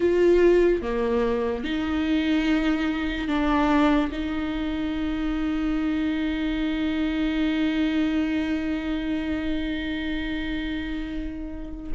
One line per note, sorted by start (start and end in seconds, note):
0.00 0.82 F4
0.82 1.64 A#3
1.64 3.28 D#4
3.28 4.10 D4
4.11 11.92 D#4